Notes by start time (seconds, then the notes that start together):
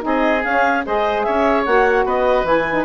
0.00 C4 D#4 G#4 D#5
0.43 C#4 F5
0.85 G#3 G#4 C5 D#5
1.22 C#4 C#5 E5
1.65 A#3 F#4 F#5
2.05 B3 B4 D#5
2.43 E3 E4 G#5
2.70 D#4